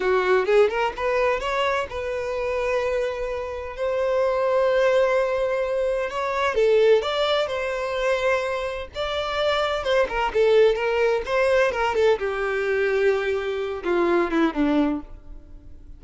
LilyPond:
\new Staff \with { instrumentName = "violin" } { \time 4/4 \tempo 4 = 128 fis'4 gis'8 ais'8 b'4 cis''4 | b'1 | c''1~ | c''4 cis''4 a'4 d''4 |
c''2. d''4~ | d''4 c''8 ais'8 a'4 ais'4 | c''4 ais'8 a'8 g'2~ | g'4. f'4 e'8 d'4 | }